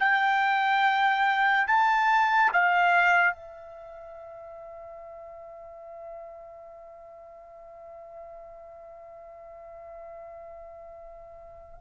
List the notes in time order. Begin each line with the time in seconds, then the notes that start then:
0.00 G5
1.67 A5
2.53 F5
3.34 E5